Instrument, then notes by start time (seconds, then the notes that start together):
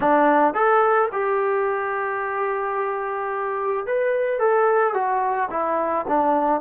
trombone
0.00 D4
0.54 A4
1.12 G4
3.86 B4
4.39 A4
4.94 F#4
5.50 E4
6.08 D4